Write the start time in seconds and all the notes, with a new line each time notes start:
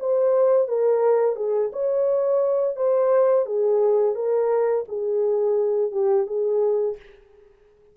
0.00 C5
0.68 A#4
1.36 G#4
1.73 C#5
2.76 C5
3.46 G#4
4.15 A#4
4.88 G#4
5.92 G4
6.27 G#4